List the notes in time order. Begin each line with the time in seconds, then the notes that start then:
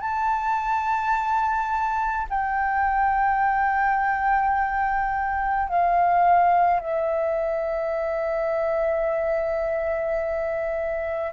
0.00 A5
2.29 G5
5.68 F5
6.80 E5